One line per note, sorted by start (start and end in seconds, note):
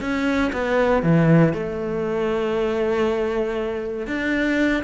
0.00 0.51 C#4
0.52 1.02 B3
1.02 1.53 E3
1.53 4.07 A3
4.07 4.83 D4